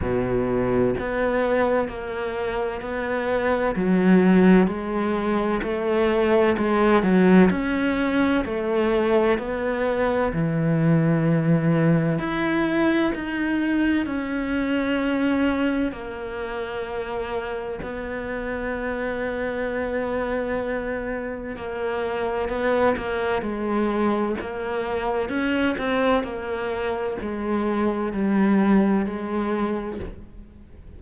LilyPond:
\new Staff \with { instrumentName = "cello" } { \time 4/4 \tempo 4 = 64 b,4 b4 ais4 b4 | fis4 gis4 a4 gis8 fis8 | cis'4 a4 b4 e4~ | e4 e'4 dis'4 cis'4~ |
cis'4 ais2 b4~ | b2. ais4 | b8 ais8 gis4 ais4 cis'8 c'8 | ais4 gis4 g4 gis4 | }